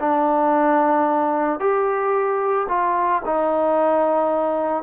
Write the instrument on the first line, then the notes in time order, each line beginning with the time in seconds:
trombone
0.00 D4
1.60 G4
2.69 F4
3.26 D#4